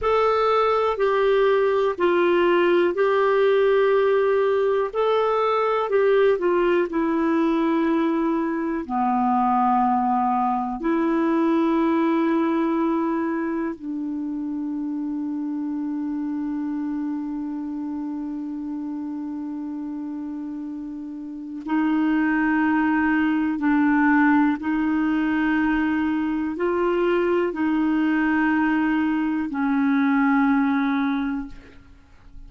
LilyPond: \new Staff \with { instrumentName = "clarinet" } { \time 4/4 \tempo 4 = 61 a'4 g'4 f'4 g'4~ | g'4 a'4 g'8 f'8 e'4~ | e'4 b2 e'4~ | e'2 d'2~ |
d'1~ | d'2 dis'2 | d'4 dis'2 f'4 | dis'2 cis'2 | }